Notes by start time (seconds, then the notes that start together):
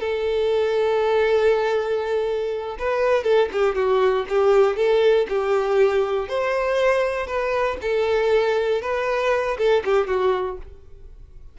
0.00 A4
2.78 B4
3.23 A4
3.52 G4
3.75 F#4
4.29 G4
4.76 A4
5.29 G4
6.28 C5
7.27 B4
7.81 A4
8.81 B4
9.58 A4
9.85 G4
10.07 F#4